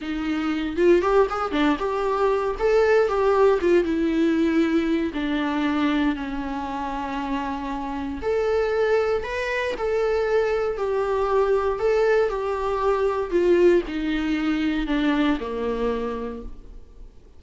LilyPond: \new Staff \with { instrumentName = "viola" } { \time 4/4 \tempo 4 = 117 dis'4. f'8 g'8 gis'8 d'8 g'8~ | g'4 a'4 g'4 f'8 e'8~ | e'2 d'2 | cis'1 |
a'2 b'4 a'4~ | a'4 g'2 a'4 | g'2 f'4 dis'4~ | dis'4 d'4 ais2 | }